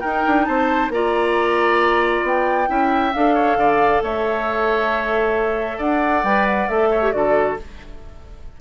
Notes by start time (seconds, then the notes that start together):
0.00 D#4 A#4 G5
0.26 D4
0.44 C4 C5 A5
0.88 A#3 F4 D5 A#5
2.23 B3 G5
2.67 C#4 E4 E5
3.13 D4 A4 F5
3.34 C#5
3.56 D3 D5
4.02 A3 C#5 E5
5.78 D4 D5 F#5
6.23 G3 B4 G5
6.46 F#5
6.68 A3 A4 E5
6.90 C#5
7.02 G4
7.12 D3 F#4 A4 D5